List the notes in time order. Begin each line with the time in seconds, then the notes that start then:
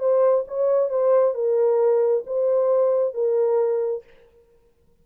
0.00 C5
0.48 C#5
0.90 C5
1.35 A#4
2.27 C5
3.14 A#4